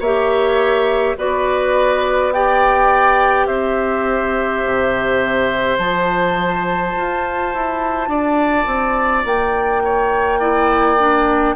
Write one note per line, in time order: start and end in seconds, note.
0.00 1.15 A#3
0.00 1.17 G4
0.00 1.15 C#5
0.00 1.17 E5
1.17 3.47 B3
1.17 2.33 F#4
1.17 2.33 B4
1.17 2.32 D5
2.32 5.79 G4
2.32 3.47 D5
2.32 3.46 G5
3.46 4.62 C4
3.46 8.08 C5
3.46 5.77 E5
4.65 5.78 C3
5.77 6.94 F3
5.77 10.39 F4
5.77 9.24 A5
6.97 7.54 F4
7.54 8.07 E4
8.07 8.65 D4
8.07 9.83 D5
8.66 9.24 C4
9.25 11.55 A#3
9.25 11.56 G5
9.84 10.39 C#5
10.39 10.97 E4
10.39 11.55 D5
10.97 11.55 D4